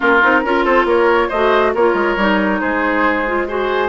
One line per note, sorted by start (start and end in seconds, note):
0.00 0.23 A#3
0.00 0.19 C#4
0.00 0.41 F4
0.00 0.64 A#4
0.22 0.43 C4
0.22 0.43 D#4
0.43 0.65 C#4
0.43 1.31 F4
0.43 0.64 A#4
0.64 0.85 C4
0.64 0.86 A4
0.64 0.86 C5
0.85 1.28 A#3
0.85 1.28 A#4
0.85 1.29 C#5
1.28 1.75 A3
1.28 1.76 F#4
1.28 1.71 C5
1.28 1.73 D#5
1.74 1.94 A#3
1.74 2.18 F4
1.74 2.60 A#4
1.74 2.60 C#5
1.94 2.15 G#3
2.16 2.60 G3
2.16 3.26 D#4
2.60 3.89 G#3
2.60 3.47 G#4
2.60 3.47 C5
3.26 3.48 F4
3.48 3.89 F#4
3.48 3.89 G#4
3.48 3.89 C5